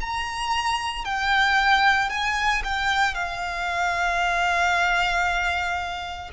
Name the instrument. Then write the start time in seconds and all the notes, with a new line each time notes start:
violin
0.00 A#5
1.05 G5
2.10 G#5
2.64 G5
3.14 F5